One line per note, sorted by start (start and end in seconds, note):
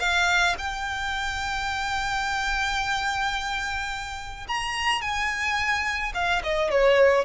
0.00 0.56 F5
0.59 4.47 G5
4.48 5.02 A#5
5.02 6.13 G#5
6.15 6.42 F5
6.43 6.71 D#5
6.71 7.25 C#5